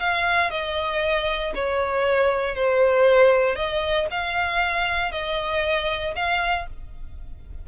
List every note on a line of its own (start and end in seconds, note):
0.00 0.51 F5
0.51 1.53 D#5
1.55 2.55 C#5
2.55 3.56 C5
3.56 4.07 D#5
4.11 5.12 F5
5.12 6.14 D#5
6.16 6.67 F5